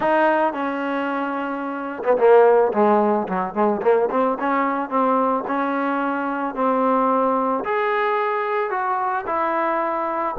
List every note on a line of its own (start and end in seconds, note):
0.00 0.53 D#4
0.53 2.03 C#4
2.03 2.17 B3
2.17 2.72 A#3
2.72 3.27 G#3
3.28 3.54 F#3
3.54 3.81 G#3
3.82 4.09 A#3
4.10 4.38 C4
4.39 4.89 C#4
4.89 5.44 C4
5.47 6.54 C#4
6.54 7.63 C4
7.64 8.70 G#4
8.70 9.25 F#4
9.26 10.35 E4